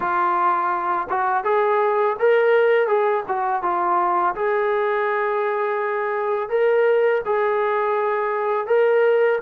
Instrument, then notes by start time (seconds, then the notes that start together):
trombone
0.00 F4
1.09 F#4
1.44 G#4
2.19 A#4
2.87 G#4
3.28 F#4
3.62 F4
4.35 G#4
6.49 A#4
7.25 G#4
8.66 A#4